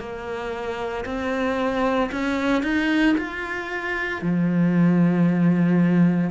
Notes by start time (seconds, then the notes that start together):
0.00 A#3
1.05 C4
2.12 C#4
2.63 D#4
3.18 F4
4.22 F3